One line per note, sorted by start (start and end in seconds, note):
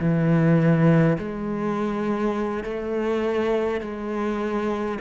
0.00 1.18 E3
1.18 2.64 G#3
2.64 3.81 A3
3.81 4.98 G#3